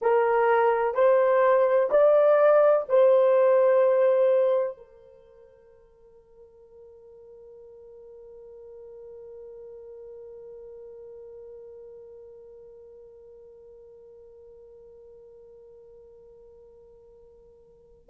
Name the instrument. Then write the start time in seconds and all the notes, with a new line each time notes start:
horn
0.01 A#4
0.94 C5
1.90 D5
2.88 C5
4.77 A#4